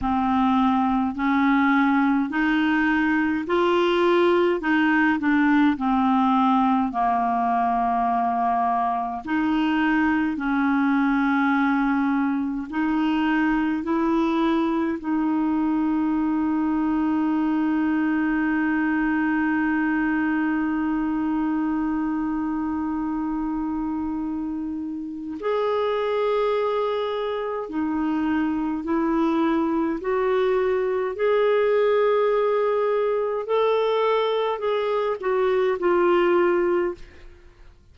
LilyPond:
\new Staff \with { instrumentName = "clarinet" } { \time 4/4 \tempo 4 = 52 c'4 cis'4 dis'4 f'4 | dis'8 d'8 c'4 ais2 | dis'4 cis'2 dis'4 | e'4 dis'2.~ |
dis'1~ | dis'2 gis'2 | dis'4 e'4 fis'4 gis'4~ | gis'4 a'4 gis'8 fis'8 f'4 | }